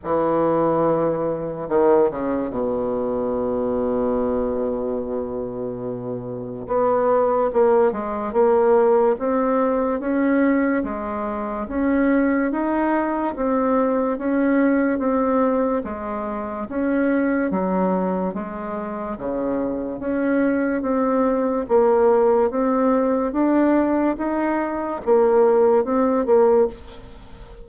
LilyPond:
\new Staff \with { instrumentName = "bassoon" } { \time 4/4 \tempo 4 = 72 e2 dis8 cis8 b,4~ | b,1 | b4 ais8 gis8 ais4 c'4 | cis'4 gis4 cis'4 dis'4 |
c'4 cis'4 c'4 gis4 | cis'4 fis4 gis4 cis4 | cis'4 c'4 ais4 c'4 | d'4 dis'4 ais4 c'8 ais8 | }